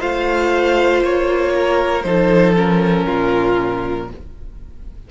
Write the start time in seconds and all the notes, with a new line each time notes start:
0.00 A3 F4 C5 F5
1.03 A#3 C#5
1.55 A#4
2.03 F3 D#4 A4 C5
2.56 C#4 A#4
3.06 A#2 F4